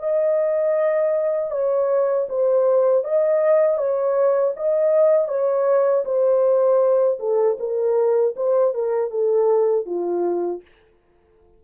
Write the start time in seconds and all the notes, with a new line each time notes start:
0.00 D#5
1.51 C#5
2.30 C5
3.05 D#5
3.78 C#5
4.57 D#5
5.29 C#5
6.05 C5
7.20 A4
7.60 A#4
8.36 C5
8.74 A#4
9.11 A4
9.86 F4